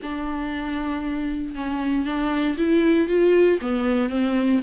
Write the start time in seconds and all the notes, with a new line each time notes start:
0.02 D4
1.55 C#4
2.05 D4
2.57 E4
3.08 F4
3.61 B3
4.09 C4